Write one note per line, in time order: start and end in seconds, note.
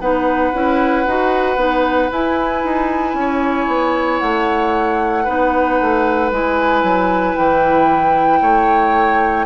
0.00 0.53 B3
0.00 0.54 D#4
0.00 3.17 B4
0.00 2.11 F#5
0.54 1.06 C#4
0.54 1.06 E4
1.06 1.57 D#4
1.06 1.57 F#4
1.57 2.09 B3
1.57 2.10 D#4
2.11 2.64 E4
2.11 5.27 E4
2.11 4.19 G#5
2.64 3.14 D#4
3.14 3.66 C#4
3.20 5.24 C#5
3.68 4.20 B3
4.19 5.27 A3
4.19 6.30 F#5
5.24 5.81 B3
5.24 6.32 D#4
5.24 8.40 B4
5.81 6.32 A3
6.32 6.83 G#3
6.32 9.46 E4
6.32 7.36 G#5
6.83 7.36 F#3
7.36 8.42 E3
7.36 9.46 G5
8.42 9.46 A3
8.42 9.46 C#5